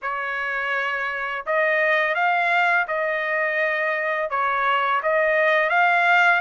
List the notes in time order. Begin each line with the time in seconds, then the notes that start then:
0.02 C#5
1.45 D#5
2.15 F5
2.87 D#5
4.30 C#5
5.02 D#5
5.69 F5